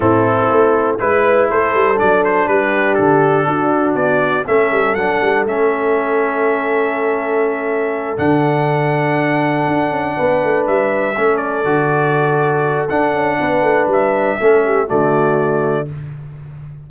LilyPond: <<
  \new Staff \with { instrumentName = "trumpet" } { \time 4/4 \tempo 4 = 121 a'2 b'4 c''4 | d''8 c''8 b'4 a'2 | d''4 e''4 fis''4 e''4~ | e''1~ |
e''8 fis''2.~ fis''8~ | fis''4. e''4. d''4~ | d''2 fis''2 | e''2 d''2 | }
  \new Staff \with { instrumentName = "horn" } { \time 4/4 e'2 b'4 a'4~ | a'4 g'2 fis'4~ | fis'4 a'2.~ | a'1~ |
a'1~ | a'8 b'2 a'4.~ | a'2. b'4~ | b'4 a'8 g'8 fis'2 | }
  \new Staff \with { instrumentName = "trombone" } { \time 4/4 c'2 e'2 | d'1~ | d'4 cis'4 d'4 cis'4~ | cis'1~ |
cis'8 d'2.~ d'8~ | d'2~ d'8 cis'4 fis'8~ | fis'2 d'2~ | d'4 cis'4 a2 | }
  \new Staff \with { instrumentName = "tuba" } { \time 4/4 a,4 a4 gis4 a8 g8 | fis4 g4 d4 d'4 | b4 a8 g8 fis8 g8 a4~ | a1~ |
a8 d2. d'8 | cis'8 b8 a8 g4 a4 d8~ | d2 d'8 cis'8 b8 a8 | g4 a4 d2 | }
>>